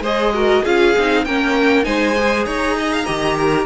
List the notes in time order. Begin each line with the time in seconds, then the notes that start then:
0.00 G#3 G#4 C5 D#5
0.34 F#4 A#4
0.63 C#4 F4 G#4 F5
0.97 C4 D#4
1.24 A#3 C#4 A#4 G5
1.83 G#3 D#4 C5 G#5
2.17 G#4
2.45 D#4 C#5 A#5
2.78 D#5
2.92 F5
3.05 D#3 G4 D#5
3.37 A#4